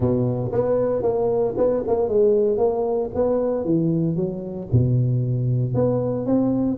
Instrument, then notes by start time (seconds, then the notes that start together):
tuba
0.00 B2
0.52 B3
1.02 A#3
1.57 B3
1.87 A#3
2.08 G#3
2.57 A#3
3.14 B3
3.64 E3
4.15 F#3
4.72 B2
5.74 B3
6.25 C4